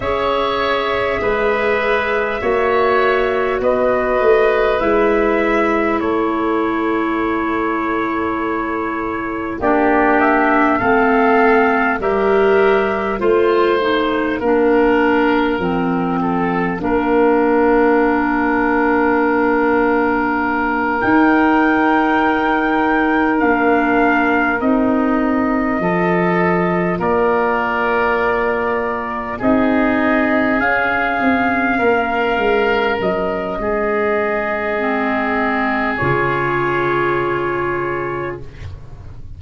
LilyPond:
<<
  \new Staff \with { instrumentName = "trumpet" } { \time 4/4 \tempo 4 = 50 e''2. dis''4 | e''4 cis''2. | d''8 e''8 f''4 e''4 f''4~ | f''1~ |
f''4. g''2 f''8~ | f''8 dis''2 d''4.~ | d''8 dis''4 f''2 dis''8~ | dis''2 cis''2 | }
  \new Staff \with { instrumentName = "oboe" } { \time 4/4 cis''4 b'4 cis''4 b'4~ | b'4 a'2. | g'4 a'4 ais'4 c''4 | ais'4. a'8 ais'2~ |
ais'1~ | ais'4. a'4 ais'4.~ | ais'8 gis'2 ais'4. | gis'1 | }
  \new Staff \with { instrumentName = "clarinet" } { \time 4/4 gis'2 fis'2 | e'1 | d'4 c'4 g'4 f'8 dis'8 | d'4 c'4 d'2~ |
d'4. dis'2 d'8~ | d'8 dis'4 f'2~ f'8~ | f'8 dis'4 cis'2~ cis'8~ | cis'4 c'4 f'2 | }
  \new Staff \with { instrumentName = "tuba" } { \time 4/4 cis'4 gis4 ais4 b8 a8 | gis4 a2. | ais4 a4 g4 a4 | ais4 f4 ais2~ |
ais4. dis'2 ais8~ | ais8 c'4 f4 ais4.~ | ais8 c'4 cis'8 c'8 ais8 gis8 fis8 | gis2 cis2 | }
>>